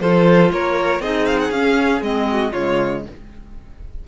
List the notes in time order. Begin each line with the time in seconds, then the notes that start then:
0.00 F3 F4 A4 C5
0.51 A#3 A#4 C#5
1.00 C4 D#4 G#4 D#5
1.26 F5
1.40 F#5
1.50 C#4 F5
2.01 G#3 C4 D#5
2.32 F#4
2.52 C#3 G#3 F4 C#5